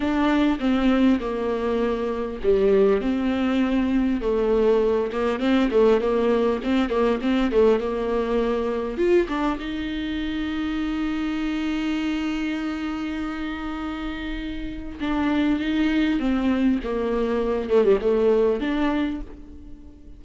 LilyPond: \new Staff \with { instrumentName = "viola" } { \time 4/4 \tempo 4 = 100 d'4 c'4 ais2 | g4 c'2 a4~ | a8 ais8 c'8 a8 ais4 c'8 ais8 | c'8 a8 ais2 f'8 d'8 |
dis'1~ | dis'1~ | dis'4 d'4 dis'4 c'4 | ais4. a16 g16 a4 d'4 | }